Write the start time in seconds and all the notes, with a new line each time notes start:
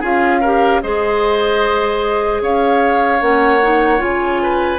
0.00 C#4 F4 G#4 F5
0.41 G4 A#4
0.81 G#3 G#4 C5 D#5
2.41 C#4 C#5 F5
3.20 A#3 C#4 F#5
3.63 D#4
3.98 C#3 F4 G#5
4.42 B4